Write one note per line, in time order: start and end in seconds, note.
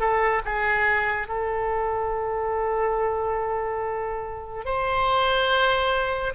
0.00 0.42 A4
0.45 1.28 G#4
1.28 4.65 A4
4.65 6.34 C5